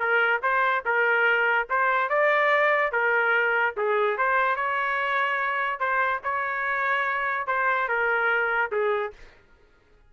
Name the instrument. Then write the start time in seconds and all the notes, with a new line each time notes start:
trumpet
0.00 A#4
0.43 C5
0.85 A#4
1.70 C5
2.10 D5
2.92 A#4
3.77 G#4
4.18 C5
4.56 C#5
5.80 C5
6.24 C#5
7.47 C5
7.89 A#4
8.72 G#4